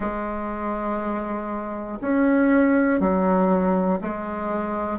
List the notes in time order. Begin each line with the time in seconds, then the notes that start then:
0.00 G#3
2.01 C#4
3.00 F#3
4.01 G#3